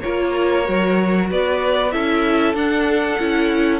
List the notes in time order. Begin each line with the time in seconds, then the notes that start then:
0.00 A#3 F4 A#4 C#5
0.63 F#3 F#4
1.30 B3 B4 D5
1.91 C#4 E4 A4 E5
2.53 D4 F#5
3.19 C#4 E4